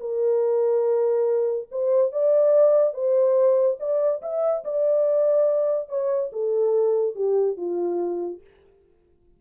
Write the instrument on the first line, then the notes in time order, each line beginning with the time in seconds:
horn
0.00 A#4
1.71 C5
2.12 D5
2.94 C5
3.80 D5
4.22 E5
4.64 D5
5.89 C#5
6.32 A4
7.15 G4
7.57 F4